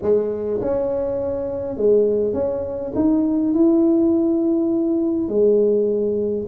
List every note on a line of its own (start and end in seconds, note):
0.02 0.60 G#3
0.61 1.76 C#4
1.76 2.33 G#3
2.33 2.92 C#4
2.95 3.53 D#4
3.53 5.28 E4
5.28 6.45 G#3